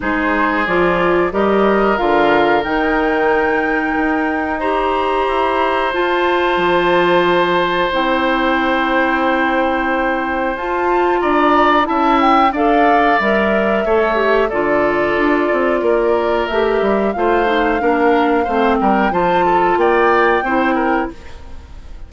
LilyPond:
<<
  \new Staff \with { instrumentName = "flute" } { \time 4/4 \tempo 4 = 91 c''4 d''4 dis''4 f''4 | g''2. ais''4~ | ais''4 a''2. | g''1 |
a''4 ais''4 a''8 g''8 f''4 | e''2 d''2~ | d''4 e''4 f''2~ | f''8 g''8 a''4 g''2 | }
  \new Staff \with { instrumentName = "oboe" } { \time 4/4 gis'2 ais'2~ | ais'2. c''4~ | c''1~ | c''1~ |
c''4 d''4 e''4 d''4~ | d''4 cis''4 a'2 | ais'2 c''4 ais'4 | c''8 ais'8 c''8 a'8 d''4 c''8 ais'8 | }
  \new Staff \with { instrumentName = "clarinet" } { \time 4/4 dis'4 f'4 g'4 f'4 | dis'2. g'4~ | g'4 f'2. | e'1 |
f'2 e'4 a'4 | ais'4 a'8 g'8 f'2~ | f'4 g'4 f'8 dis'8 d'4 | c'4 f'2 e'4 | }
  \new Staff \with { instrumentName = "bassoon" } { \time 4/4 gis4 f4 g4 d4 | dis2 dis'2 | e'4 f'4 f2 | c'1 |
f'4 d'4 cis'4 d'4 | g4 a4 d4 d'8 c'8 | ais4 a8 g8 a4 ais4 | a8 g8 f4 ais4 c'4 | }
>>